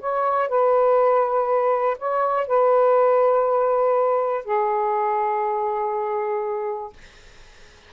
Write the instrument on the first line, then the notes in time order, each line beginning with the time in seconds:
saxophone
0.00 C#5
0.48 B4
1.98 C#5
2.46 B4
4.45 G#4